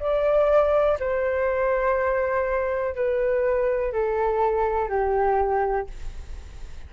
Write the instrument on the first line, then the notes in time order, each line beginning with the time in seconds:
flute
0.00 D5
1.00 C5
2.95 B4
3.93 A4
4.89 G4